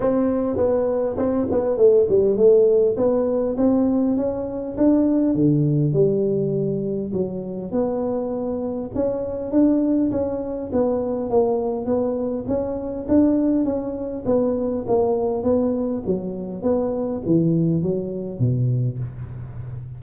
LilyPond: \new Staff \with { instrumentName = "tuba" } { \time 4/4 \tempo 4 = 101 c'4 b4 c'8 b8 a8 g8 | a4 b4 c'4 cis'4 | d'4 d4 g2 | fis4 b2 cis'4 |
d'4 cis'4 b4 ais4 | b4 cis'4 d'4 cis'4 | b4 ais4 b4 fis4 | b4 e4 fis4 b,4 | }